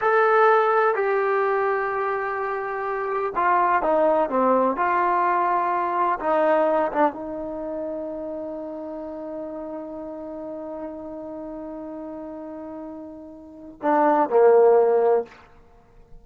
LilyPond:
\new Staff \with { instrumentName = "trombone" } { \time 4/4 \tempo 4 = 126 a'2 g'2~ | g'2. f'4 | dis'4 c'4 f'2~ | f'4 dis'4. d'8 dis'4~ |
dis'1~ | dis'1~ | dis'1~ | dis'4 d'4 ais2 | }